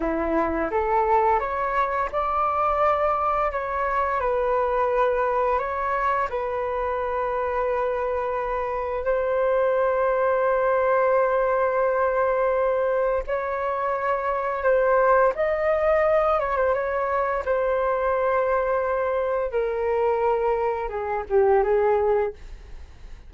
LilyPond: \new Staff \with { instrumentName = "flute" } { \time 4/4 \tempo 4 = 86 e'4 a'4 cis''4 d''4~ | d''4 cis''4 b'2 | cis''4 b'2.~ | b'4 c''2.~ |
c''2. cis''4~ | cis''4 c''4 dis''4. cis''16 c''16 | cis''4 c''2. | ais'2 gis'8 g'8 gis'4 | }